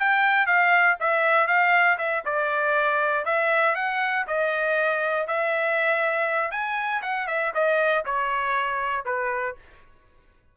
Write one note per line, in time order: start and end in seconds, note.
0.00 0.47 G5
0.47 0.97 F5
1.00 1.47 E5
1.47 1.98 F5
1.98 2.24 E5
2.26 3.26 D5
3.26 3.76 E5
3.76 4.26 F#5
4.27 5.28 D#5
5.28 6.51 E5
6.51 7.02 G#5
7.02 7.27 F#5
7.27 7.53 E5
7.55 8.05 D#5
8.06 9.06 C#5
9.06 9.56 B4